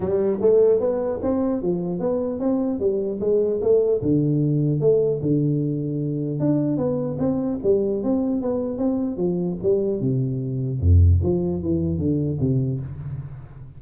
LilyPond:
\new Staff \with { instrumentName = "tuba" } { \time 4/4 \tempo 4 = 150 g4 a4 b4 c'4 | f4 b4 c'4 g4 | gis4 a4 d2 | a4 d2. |
d'4 b4 c'4 g4 | c'4 b4 c'4 f4 | g4 c2 f,4 | f4 e4 d4 c4 | }